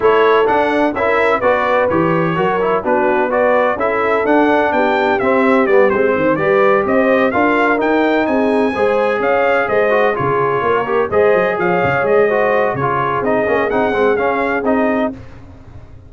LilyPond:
<<
  \new Staff \with { instrumentName = "trumpet" } { \time 4/4 \tempo 4 = 127 cis''4 fis''4 e''4 d''4 | cis''2 b'4 d''4 | e''4 fis''4 g''4 e''4 | d''8 c''4 d''4 dis''4 f''8~ |
f''8 g''4 gis''2 f''8~ | f''8 dis''4 cis''2 dis''8~ | dis''8 f''4 dis''4. cis''4 | dis''4 fis''4 f''4 dis''4 | }
  \new Staff \with { instrumentName = "horn" } { \time 4/4 a'2 ais'4 b'4~ | b'4 ais'4 fis'4 b'4 | a'2 g'2~ | g'4 c''8 b'4 c''4 ais'8~ |
ais'4. gis'4 c''4 cis''8~ | cis''8 c''4 gis'4 ais'4 c''8~ | c''8 cis''4. c''4 gis'4~ | gis'1 | }
  \new Staff \with { instrumentName = "trombone" } { \time 4/4 e'4 d'4 e'4 fis'4 | g'4 fis'8 e'8 d'4 fis'4 | e'4 d'2 c'4 | b8 c'4 g'2 f'8~ |
f'8 dis'2 gis'4.~ | gis'4 fis'8 f'4. g'8 gis'8~ | gis'2 fis'4 f'4 | dis'8 cis'8 dis'8 c'8 cis'4 dis'4 | }
  \new Staff \with { instrumentName = "tuba" } { \time 4/4 a4 d'4 cis'4 b4 | e4 fis4 b2 | cis'4 d'4 b4 c'4 | g8 gis8 dis8 g4 c'4 d'8~ |
d'8 dis'4 c'4 gis4 cis'8~ | cis'8 gis4 cis4 ais4 gis8 | fis8 f8 cis8 gis4. cis4 | c'8 ais8 c'8 gis8 cis'4 c'4 | }
>>